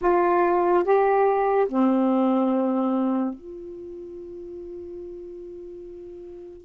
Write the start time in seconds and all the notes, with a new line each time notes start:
0.01 F4
0.83 G4
1.68 C4
3.34 F4